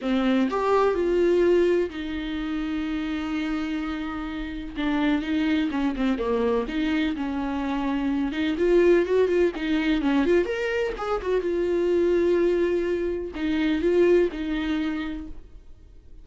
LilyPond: \new Staff \with { instrumentName = "viola" } { \time 4/4 \tempo 4 = 126 c'4 g'4 f'2 | dis'1~ | dis'2 d'4 dis'4 | cis'8 c'8 ais4 dis'4 cis'4~ |
cis'4. dis'8 f'4 fis'8 f'8 | dis'4 cis'8 f'8 ais'4 gis'8 fis'8 | f'1 | dis'4 f'4 dis'2 | }